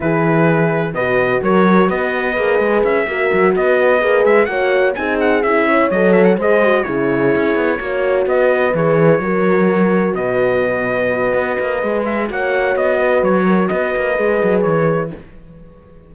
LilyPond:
<<
  \new Staff \with { instrumentName = "trumpet" } { \time 4/4 \tempo 4 = 127 b'2 dis''4 cis''4 | dis''2 e''4. dis''8~ | dis''4 e''8 fis''4 gis''8 fis''8 e''8~ | e''8 dis''8 e''16 fis''16 dis''4 cis''4.~ |
cis''4. dis''4 cis''4.~ | cis''4. dis''2~ dis''8~ | dis''4. e''8 fis''4 dis''4 | cis''4 dis''2 cis''4 | }
  \new Staff \with { instrumentName = "horn" } { \time 4/4 gis'2 b'4 ais'4 | b'2~ b'8 ais'4 b'8~ | b'4. cis''4 gis'4. | cis''4. c''4 gis'4.~ |
gis'8 cis''4 b'2 ais'8~ | ais'4. b'2~ b'8~ | b'2 cis''4. b'8~ | b'8 ais'8 b'2. | }
  \new Staff \with { instrumentName = "horn" } { \time 4/4 e'2 fis'2~ | fis'4 gis'4. fis'4.~ | fis'8 gis'4 fis'4 dis'4 e'8~ | e'8 a'4 gis'8 fis'8 e'4.~ |
e'8 fis'2 gis'4 fis'8~ | fis'1~ | fis'4 gis'4 fis'2~ | fis'2 gis'2 | }
  \new Staff \with { instrumentName = "cello" } { \time 4/4 e2 b,4 fis4 | b4 ais8 gis8 cis'8 ais8 fis8 b8~ | b8 ais8 gis8 ais4 c'4 cis'8~ | cis'8 fis4 gis4 cis4 cis'8 |
b8 ais4 b4 e4 fis8~ | fis4. b,2~ b,8 | b8 ais8 gis4 ais4 b4 | fis4 b8 ais8 gis8 fis8 e4 | }
>>